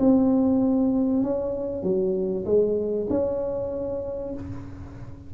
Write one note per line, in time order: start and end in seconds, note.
0.00 1.23 C4
1.23 1.84 C#4
1.84 2.45 F#3
2.46 3.08 G#3
3.10 4.34 C#4